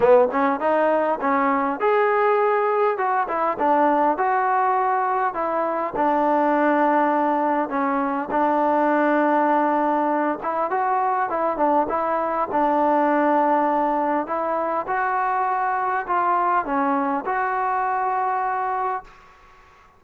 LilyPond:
\new Staff \with { instrumentName = "trombone" } { \time 4/4 \tempo 4 = 101 b8 cis'8 dis'4 cis'4 gis'4~ | gis'4 fis'8 e'8 d'4 fis'4~ | fis'4 e'4 d'2~ | d'4 cis'4 d'2~ |
d'4. e'8 fis'4 e'8 d'8 | e'4 d'2. | e'4 fis'2 f'4 | cis'4 fis'2. | }